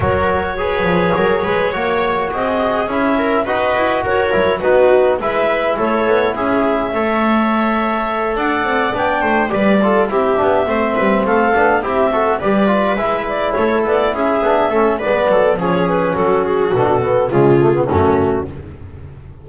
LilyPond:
<<
  \new Staff \with { instrumentName = "clarinet" } { \time 4/4 \tempo 4 = 104 cis''1 | dis''4 e''4 dis''4 cis''4 | b'4 e''4 cis''4 e''4~ | e''2~ e''8 fis''4 g''8~ |
g''8 d''4 e''2 f''8~ | f''8 e''4 d''4 e''8 d''8 cis''8 | d''8 e''4. d''4 cis''8 b'8 | a'8 gis'8 a'4 gis'4 fis'4 | }
  \new Staff \with { instrumentName = "viola" } { \time 4/4 ais'4 b'4 ais'8 b'8 cis''4 | gis'4. ais'8 b'4 ais'4 | fis'4 b'4 a'4 gis'4 | cis''2~ cis''8 d''4. |
c''8 b'8 a'8 g'4 c''8 b'8 a'8~ | a'8 g'8 a'8 b'2 a'8~ | a'8 gis'4 a'8 b'8 a'8 gis'4 | fis'2 f'4 cis'4 | }
  \new Staff \with { instrumentName = "trombone" } { \time 4/4 fis'4 gis'2 fis'4~ | fis'4 e'4 fis'4. e'8 | dis'4 e'2. | a'2.~ a'8 d'8~ |
d'8 g'8 f'8 e'8 d'8 c'4. | d'8 e'8 fis'8 g'8 f'8 e'4.~ | e'4 d'8 cis'8 b4 cis'4~ | cis'4 d'8 b8 gis8 a16 b16 a4 | }
  \new Staff \with { instrumentName = "double bass" } { \time 4/4 fis4. f8 fis8 gis8 ais4 | c'4 cis'4 dis'8 e'8 fis'8 fis8 | b4 gis4 a8 b8 cis'4 | a2~ a8 d'8 c'8 b8 |
a8 g4 c'8 b8 a8 g8 a8 | b8 c'4 g4 gis4 a8 | b8 cis'8 b8 a8 gis8 fis8 f4 | fis4 b,4 cis4 fis,4 | }
>>